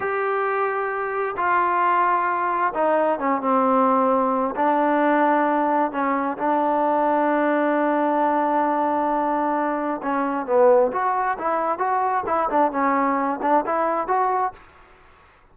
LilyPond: \new Staff \with { instrumentName = "trombone" } { \time 4/4 \tempo 4 = 132 g'2. f'4~ | f'2 dis'4 cis'8 c'8~ | c'2 d'2~ | d'4 cis'4 d'2~ |
d'1~ | d'2 cis'4 b4 | fis'4 e'4 fis'4 e'8 d'8 | cis'4. d'8 e'4 fis'4 | }